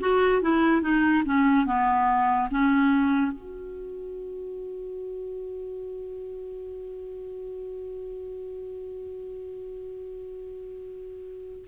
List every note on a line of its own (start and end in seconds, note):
0.00 0.42 F#4
0.42 0.81 E4
0.81 1.23 D#4
1.25 1.66 C#4
1.66 2.49 B3
2.50 3.32 C#4
3.32 11.65 F#4